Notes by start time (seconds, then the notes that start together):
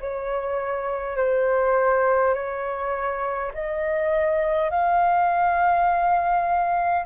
0.00 C#5
1.17 C5
2.34 C#5
3.53 D#5
4.70 F5